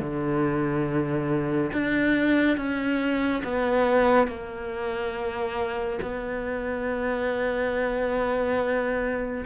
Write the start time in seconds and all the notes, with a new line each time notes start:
0.00 D3
1.73 D4
2.57 C#4
3.44 B3
4.27 A#3
6.02 B3